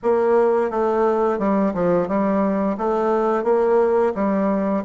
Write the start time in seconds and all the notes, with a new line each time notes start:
0.03 A#3
0.70 A3
1.38 G3
1.74 F3
2.08 G3
2.77 A3
3.43 A#3
4.14 G3